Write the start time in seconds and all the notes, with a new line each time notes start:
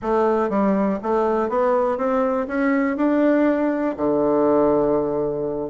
0.02 A3
0.49 G3
1.02 A3
1.49 B3
1.97 C4
2.47 C#4
2.96 D4
3.96 D3